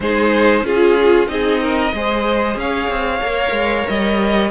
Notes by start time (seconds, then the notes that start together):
0.00 G#3 D#4 G#4 C5
0.62 C#4 F4 G#4
1.27 C4 D#4 G#4 D#5
1.62 A#4
1.93 G#3 G#4 C5
2.56 C#4 C#5 F5
2.89 C4
3.21 A#3 A#4
3.51 G#3
3.88 G3 D#5